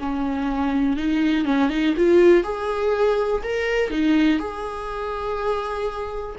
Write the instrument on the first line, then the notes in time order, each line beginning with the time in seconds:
viola
0.00 C#4
0.97 D#4
1.46 C#4
1.70 D#4
1.97 F4
2.44 G#4
3.44 A#4
3.91 D#4
4.40 G#4